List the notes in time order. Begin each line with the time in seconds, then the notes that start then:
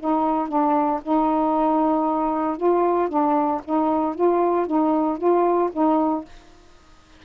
0.00 D#4
0.49 D4
1.03 D#4
2.58 F4
3.09 D4
3.65 D#4
4.15 F4
4.67 D#4
5.18 F4
5.73 D#4